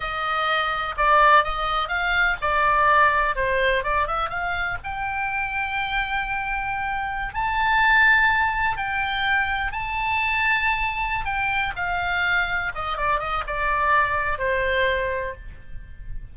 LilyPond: \new Staff \with { instrumentName = "oboe" } { \time 4/4 \tempo 4 = 125 dis''2 d''4 dis''4 | f''4 d''2 c''4 | d''8 e''8 f''4 g''2~ | g''2.~ g''16 a''8.~ |
a''2~ a''16 g''4.~ g''16~ | g''16 a''2.~ a''16 g''8~ | g''8 f''2 dis''8 d''8 dis''8 | d''2 c''2 | }